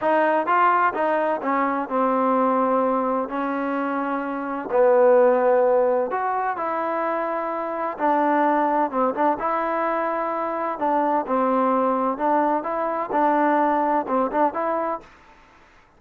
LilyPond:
\new Staff \with { instrumentName = "trombone" } { \time 4/4 \tempo 4 = 128 dis'4 f'4 dis'4 cis'4 | c'2. cis'4~ | cis'2 b2~ | b4 fis'4 e'2~ |
e'4 d'2 c'8 d'8 | e'2. d'4 | c'2 d'4 e'4 | d'2 c'8 d'8 e'4 | }